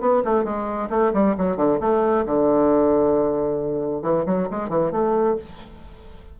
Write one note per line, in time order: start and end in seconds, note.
0.00 0.22 B3
0.24 0.44 A3
0.44 0.89 G#3
0.90 1.12 A3
1.13 1.36 G3
1.37 1.57 F#3
1.57 1.79 D3
1.80 2.25 A3
2.26 4.02 D3
4.02 4.25 E3
4.26 4.48 F#3
4.51 4.69 G#3
4.69 4.91 E3
4.92 5.36 A3